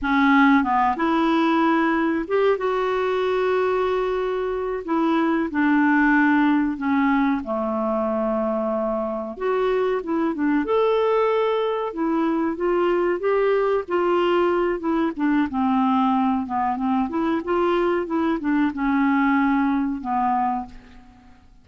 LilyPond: \new Staff \with { instrumentName = "clarinet" } { \time 4/4 \tempo 4 = 93 cis'4 b8 e'2 g'8 | fis'2.~ fis'8 e'8~ | e'8 d'2 cis'4 a8~ | a2~ a8 fis'4 e'8 |
d'8 a'2 e'4 f'8~ | f'8 g'4 f'4. e'8 d'8 | c'4. b8 c'8 e'8 f'4 | e'8 d'8 cis'2 b4 | }